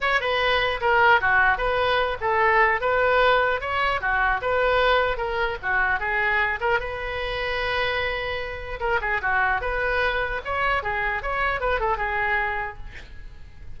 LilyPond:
\new Staff \with { instrumentName = "oboe" } { \time 4/4 \tempo 4 = 150 cis''8 b'4. ais'4 fis'4 | b'4. a'4. b'4~ | b'4 cis''4 fis'4 b'4~ | b'4 ais'4 fis'4 gis'4~ |
gis'8 ais'8 b'2.~ | b'2 ais'8 gis'8 fis'4 | b'2 cis''4 gis'4 | cis''4 b'8 a'8 gis'2 | }